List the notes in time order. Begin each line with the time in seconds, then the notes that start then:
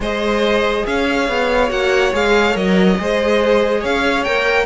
0.00 G#3 G#4 C5 D#5
0.85 C#4 C#5 F5
1.28 B3
1.68 A#3 F#4 F#5
2.12 G#3 G#4 F5
2.54 F#3 A#4 D#5
2.97 G#3 G#4 C5
3.80 C#4 C#5 F5
4.24 A#3 A#4 G5